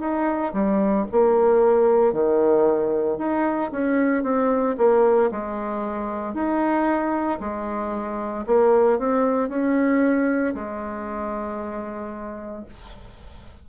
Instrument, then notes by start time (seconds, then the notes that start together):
bassoon
0.00 D#4
0.54 G3
1.12 A#3
2.13 D#3
3.18 D#4
3.72 C#4
4.23 C4
4.78 A#3
5.32 G#3
6.34 D#4
7.40 G#3
8.46 A#3
8.99 C4
9.49 C#4
10.55 G#3